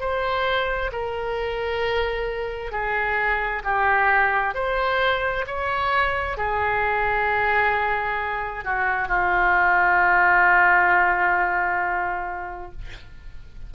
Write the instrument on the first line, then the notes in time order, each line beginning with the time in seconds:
oboe
0.00 C5
0.92 A#4
2.71 G#4
3.64 G4
4.55 C5
5.47 C#5
6.37 G#4
8.64 F#4
9.08 F4